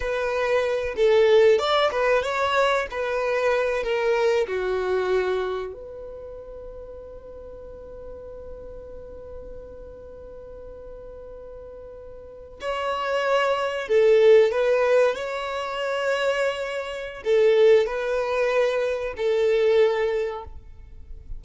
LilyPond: \new Staff \with { instrumentName = "violin" } { \time 4/4 \tempo 4 = 94 b'4. a'4 d''8 b'8 cis''8~ | cis''8 b'4. ais'4 fis'4~ | fis'4 b'2.~ | b'1~ |
b'2.~ b'8. cis''16~ | cis''4.~ cis''16 a'4 b'4 cis''16~ | cis''2. a'4 | b'2 a'2 | }